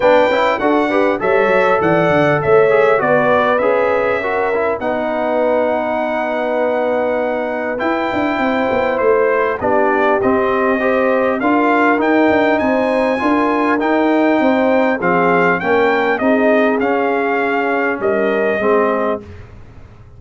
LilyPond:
<<
  \new Staff \with { instrumentName = "trumpet" } { \time 4/4 \tempo 4 = 100 g''4 fis''4 e''4 fis''4 | e''4 d''4 e''2 | fis''1~ | fis''4 g''2 c''4 |
d''4 dis''2 f''4 | g''4 gis''2 g''4~ | g''4 f''4 g''4 dis''4 | f''2 dis''2 | }
  \new Staff \with { instrumentName = "horn" } { \time 4/4 b'4 a'8 b'8 cis''4 d''4 | cis''4 b'2 ais'4 | b'1~ | b'2 c''2 |
g'2 c''4 ais'4~ | ais'4 c''4 ais'2 | c''4 gis'4 ais'4 gis'4~ | gis'2 ais'4 gis'4 | }
  \new Staff \with { instrumentName = "trombone" } { \time 4/4 d'8 e'8 fis'8 g'8 a'2~ | a'8 gis'8 fis'4 gis'4 fis'8 e'8 | dis'1~ | dis'4 e'2. |
d'4 c'4 g'4 f'4 | dis'2 f'4 dis'4~ | dis'4 c'4 cis'4 dis'4 | cis'2. c'4 | }
  \new Staff \with { instrumentName = "tuba" } { \time 4/4 b8 cis'8 d'4 g8 fis8 e8 d8 | a4 b4 cis'2 | b1~ | b4 e'8 d'8 c'8 b8 a4 |
b4 c'2 d'4 | dis'8 d'8 c'4 d'4 dis'4 | c'4 f4 ais4 c'4 | cis'2 g4 gis4 | }
>>